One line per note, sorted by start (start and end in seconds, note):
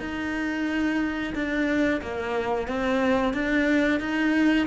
0.00 1.33 D#4
1.35 2.01 D4
2.02 2.67 A#3
2.67 3.34 C4
3.34 4.00 D4
4.00 4.66 D#4